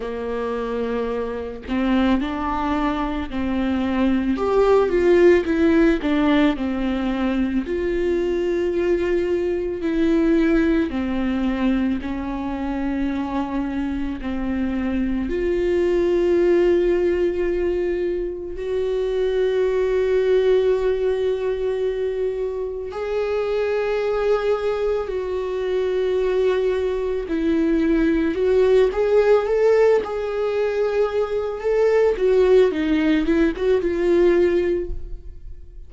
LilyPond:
\new Staff \with { instrumentName = "viola" } { \time 4/4 \tempo 4 = 55 ais4. c'8 d'4 c'4 | g'8 f'8 e'8 d'8 c'4 f'4~ | f'4 e'4 c'4 cis'4~ | cis'4 c'4 f'2~ |
f'4 fis'2.~ | fis'4 gis'2 fis'4~ | fis'4 e'4 fis'8 gis'8 a'8 gis'8~ | gis'4 a'8 fis'8 dis'8 e'16 fis'16 f'4 | }